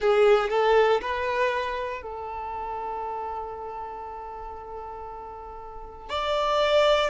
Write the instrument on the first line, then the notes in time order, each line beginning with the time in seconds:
violin
0.00 G#4
0.49 A4
1.01 B4
2.02 A4
6.09 D5